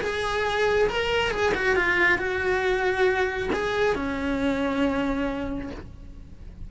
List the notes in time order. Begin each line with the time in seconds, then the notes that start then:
0.00 G#4
0.88 A#4
1.30 G#4
1.54 F#4
1.76 F4
2.18 F#4
3.53 G#4
3.95 C#4